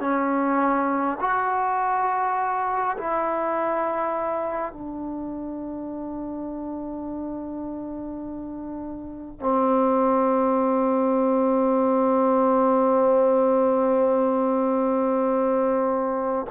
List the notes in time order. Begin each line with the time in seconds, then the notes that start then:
0.00 C#4
1.20 F#4
2.97 E4
4.72 D4
9.40 C4